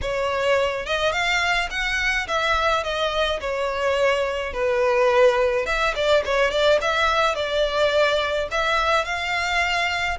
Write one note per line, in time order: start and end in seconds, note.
0.01 0.86 C#5
0.86 1.12 D#5
1.12 1.68 F5
1.70 2.27 F#5
2.27 2.83 E5
2.83 3.40 D#5
3.40 4.53 C#5
4.53 5.66 B4
5.66 5.94 E5
5.95 6.23 D5
6.25 6.51 C#5
6.51 6.79 D5
6.81 7.35 E5
7.35 8.48 D5
8.51 9.04 E5
9.04 10.18 F5